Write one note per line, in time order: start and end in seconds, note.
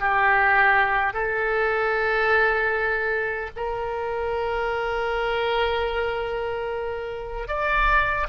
0.00 1.14 G4
1.14 3.51 A4
3.57 7.48 A#4
7.48 8.27 D5